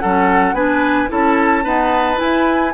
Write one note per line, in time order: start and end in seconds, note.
0.00 0.53 F#3
0.00 0.55 C#4
0.00 0.55 A4
0.00 0.55 F#5
0.53 1.08 B3
0.53 1.08 D4
0.53 1.09 B4
0.53 1.09 G#5
1.08 1.66 C#4
1.08 1.63 E4
1.08 1.64 A4
1.08 2.19 A5
1.64 2.16 B3
1.64 2.20 D#4
1.64 2.73 B4
2.16 2.70 E4
2.16 2.74 E4
2.16 2.74 G#5